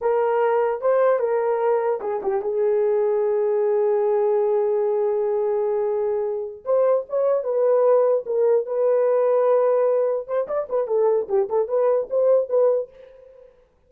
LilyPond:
\new Staff \with { instrumentName = "horn" } { \time 4/4 \tempo 4 = 149 ais'2 c''4 ais'4~ | ais'4 gis'8 g'8 gis'2~ | gis'1~ | gis'1~ |
gis'8 c''4 cis''4 b'4.~ | b'8 ais'4 b'2~ b'8~ | b'4. c''8 d''8 b'8 a'4 | g'8 a'8 b'4 c''4 b'4 | }